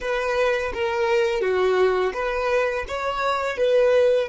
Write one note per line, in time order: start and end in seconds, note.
0.00 0.72 B4
0.73 1.41 A#4
1.41 2.12 F#4
2.13 2.85 B4
2.88 3.57 C#5
3.57 4.28 B4